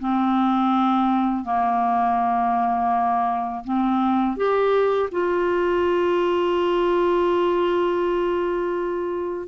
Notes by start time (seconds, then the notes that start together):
0.00 C4
1.45 A#3
3.65 C4
4.37 G4
5.12 F4